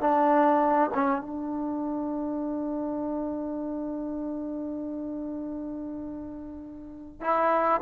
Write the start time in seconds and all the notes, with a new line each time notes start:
0.00 D4
0.94 C#4
1.21 D4
7.21 E4